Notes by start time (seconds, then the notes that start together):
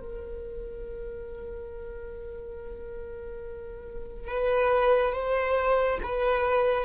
0.00 A#4
4.28 B4
5.13 C5
6.03 B4